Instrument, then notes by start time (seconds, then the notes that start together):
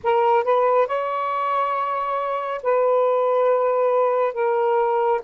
saxophone
0.03 A#4
0.43 B4
0.87 C#5
2.62 B4
4.33 A#4